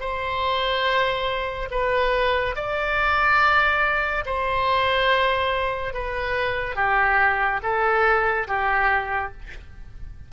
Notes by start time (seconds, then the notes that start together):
0.00 C5
1.71 B4
2.55 D5
4.26 C5
5.94 B4
6.76 G4
7.63 A4
8.48 G4